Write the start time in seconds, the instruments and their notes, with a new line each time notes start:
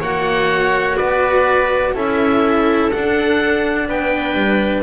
0.00 double bass A#3, cello F#4, viola C#5, oboe F#5
0.97 double bass B3, viola B4, oboe D5
1.94 double bass C#4, cello E4, viola A4, oboe E5
2.91 cello D4, double bass D4, oboe F#5
3.88 double bass B3, viola B4, oboe G5
4.34 double bass G3